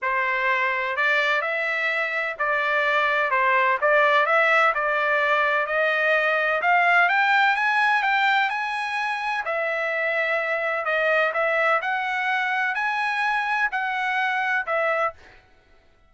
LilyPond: \new Staff \with { instrumentName = "trumpet" } { \time 4/4 \tempo 4 = 127 c''2 d''4 e''4~ | e''4 d''2 c''4 | d''4 e''4 d''2 | dis''2 f''4 g''4 |
gis''4 g''4 gis''2 | e''2. dis''4 | e''4 fis''2 gis''4~ | gis''4 fis''2 e''4 | }